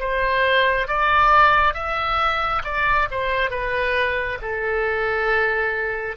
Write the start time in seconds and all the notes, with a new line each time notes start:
0.00 C5
0.88 D5
1.74 E5
2.65 D5
3.11 C5
3.51 B4
4.42 A4